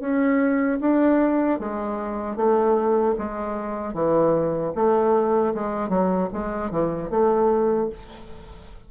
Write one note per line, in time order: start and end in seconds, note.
0.00 0.79 C#4
0.81 1.59 D4
1.59 2.36 G#3
2.36 3.15 A3
3.18 3.94 G#3
3.94 4.73 E3
4.75 5.54 A3
5.54 5.89 G#3
5.89 6.29 F#3
6.33 6.71 G#3
6.71 7.11 E3
7.11 7.89 A3